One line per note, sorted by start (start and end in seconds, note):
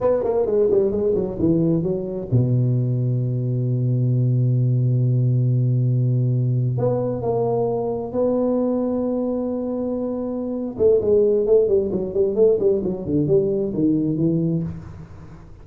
0.01 0.23 B3
0.23 0.46 A#3
0.46 0.69 G#3
0.70 0.91 G3
0.91 1.13 G#3
1.15 1.37 F#3
1.39 1.82 E3
1.82 2.28 F#3
2.31 6.77 B2
6.77 7.22 B3
7.22 8.12 A#3
8.12 10.76 B3
10.78 11.00 A3
11.01 11.46 G#3
11.46 11.68 A3
11.68 11.91 G3
11.91 12.13 F#3
12.13 12.35 G3
12.35 12.58 A3
12.59 12.82 G3
12.84 13.05 F#3
13.05 13.27 D3
13.27 13.73 G3
13.73 14.17 D#3
14.17 14.63 E3